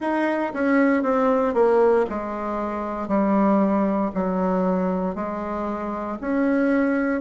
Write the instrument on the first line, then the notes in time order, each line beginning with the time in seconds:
bassoon
0.00 D#4
0.53 C#4
1.03 C4
1.54 A#3
2.09 G#3
3.08 G3
4.14 F#3
5.14 G#3
6.21 C#4